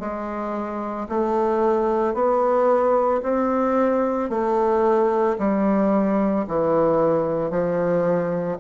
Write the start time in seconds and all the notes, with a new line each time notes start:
0.00 G#3
1.09 A3
2.14 B3
3.23 C4
4.30 A3
5.39 G3
6.48 E3
7.51 F3